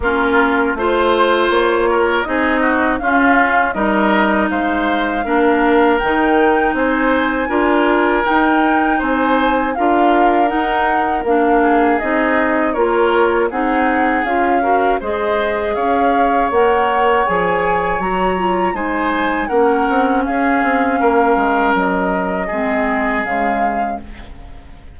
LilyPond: <<
  \new Staff \with { instrumentName = "flute" } { \time 4/4 \tempo 4 = 80 ais'4 c''4 cis''4 dis''4 | f''4 dis''4 f''2 | g''4 gis''2 g''4 | gis''4 f''4 fis''4 f''4 |
dis''4 cis''4 fis''4 f''4 | dis''4 f''4 fis''4 gis''4 | ais''4 gis''4 fis''4 f''4~ | f''4 dis''2 f''4 | }
  \new Staff \with { instrumentName = "oboe" } { \time 4/4 f'4 c''4. ais'8 gis'8 fis'8 | f'4 ais'4 c''4 ais'4~ | ais'4 c''4 ais'2 | c''4 ais'2~ ais'8 gis'8~ |
gis'4 ais'4 gis'4. ais'8 | c''4 cis''2.~ | cis''4 c''4 ais'4 gis'4 | ais'2 gis'2 | }
  \new Staff \with { instrumentName = "clarinet" } { \time 4/4 cis'4 f'2 dis'4 | cis'4 dis'2 d'4 | dis'2 f'4 dis'4~ | dis'4 f'4 dis'4 d'4 |
dis'4 f'4 dis'4 f'8 fis'8 | gis'2 ais'4 gis'4 | fis'8 f'8 dis'4 cis'2~ | cis'2 c'4 gis4 | }
  \new Staff \with { instrumentName = "bassoon" } { \time 4/4 ais4 a4 ais4 c'4 | cis'4 g4 gis4 ais4 | dis4 c'4 d'4 dis'4 | c'4 d'4 dis'4 ais4 |
c'4 ais4 c'4 cis'4 | gis4 cis'4 ais4 f4 | fis4 gis4 ais8 c'8 cis'8 c'8 | ais8 gis8 fis4 gis4 cis4 | }
>>